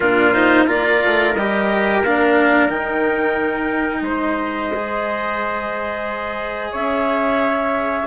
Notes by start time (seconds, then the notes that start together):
0.00 A#2 D4 F4 A#4
0.33 D#4 C5
0.66 A#3 F4 A#4 D5
1.04 A3
1.33 G3 G4 D#5
2.02 A#3 D4 F5
2.68 D#3 D#4 G5
4.00 G#3 C5
4.08 D#5
4.73 G#4
6.71 C#4 C#5 E5